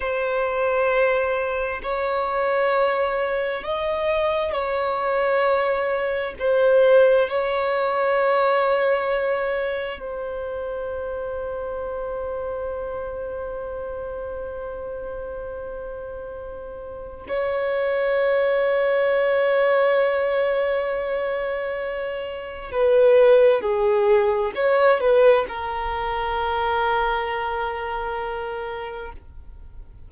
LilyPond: \new Staff \with { instrumentName = "violin" } { \time 4/4 \tempo 4 = 66 c''2 cis''2 | dis''4 cis''2 c''4 | cis''2. c''4~ | c''1~ |
c''2. cis''4~ | cis''1~ | cis''4 b'4 gis'4 cis''8 b'8 | ais'1 | }